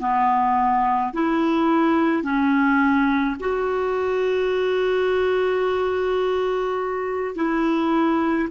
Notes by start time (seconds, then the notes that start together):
0.00 B3
1.14 E4
2.23 C#4
3.40 F#4
7.36 E4